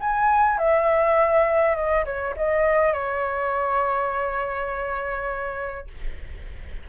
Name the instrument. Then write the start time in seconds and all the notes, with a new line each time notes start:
flute
0.00 G#5
0.58 E5
1.75 D#5
2.05 C#5
2.36 D#5
2.93 C#5